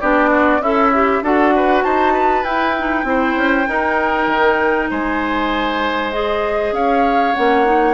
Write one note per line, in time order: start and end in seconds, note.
0.00 0.59 B3
0.00 0.61 D4
0.00 0.30 G4
0.00 0.62 D5
0.30 0.61 F#4
0.59 1.20 C#4
0.59 1.23 E4
0.59 0.93 A4
0.59 1.23 E5
0.93 1.23 G4
1.22 1.83 D4
1.22 2.44 F#4
1.22 1.54 A4
1.22 1.83 F#5
1.55 1.84 B4
1.83 2.43 D#4
1.83 2.13 C5
1.83 2.43 A5
2.13 3.05 B4
2.43 3.04 E4
2.43 2.74 E4
2.43 4.88 G5
2.78 3.04 D#4
3.04 3.34 C4
3.04 3.65 E4
3.04 3.68 C5
3.36 3.67 C#4
3.67 4.27 D#4
3.67 6.12 D#4
3.67 4.90 A#4
4.27 4.88 D#3
4.90 6.72 G#3
4.90 6.74 C5
4.90 6.12 G#5
6.12 7.34 G#4
6.12 6.73 D#5
6.72 7.33 C#4
6.72 7.93 C#5
6.72 7.34 F5
7.34 7.93 A#3
7.34 7.65 C#4
7.34 7.93 F#5
7.65 7.93 D#4